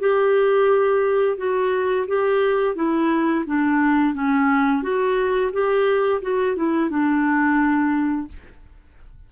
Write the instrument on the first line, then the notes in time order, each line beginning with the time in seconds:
clarinet
0.00 G4
1.37 F#4
2.08 G4
2.76 E4
3.46 D4
4.14 C#4
4.83 F#4
5.53 G4
6.22 F#4
6.56 E4
6.90 D4